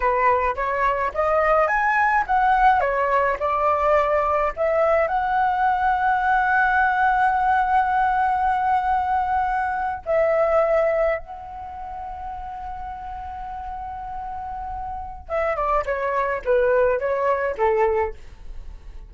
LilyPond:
\new Staff \with { instrumentName = "flute" } { \time 4/4 \tempo 4 = 106 b'4 cis''4 dis''4 gis''4 | fis''4 cis''4 d''2 | e''4 fis''2.~ | fis''1~ |
fis''4.~ fis''16 e''2 fis''16~ | fis''1~ | fis''2. e''8 d''8 | cis''4 b'4 cis''4 a'4 | }